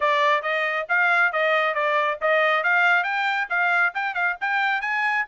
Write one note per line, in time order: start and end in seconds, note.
0.00 0.42 D5
0.42 0.86 D#5
0.88 1.32 F5
1.32 1.74 D#5
1.74 2.18 D5
2.21 2.63 D#5
2.63 3.03 F5
3.03 3.47 G5
3.49 3.93 F5
3.94 4.14 G5
4.14 4.36 F5
4.40 4.81 G5
4.81 5.25 G#5